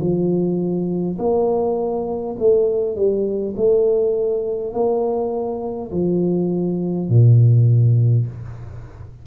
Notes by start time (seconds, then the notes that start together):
0.00 F3
1.18 A#3
2.39 A3
2.96 G3
3.56 A3
4.73 A#3
5.91 F3
7.09 A#2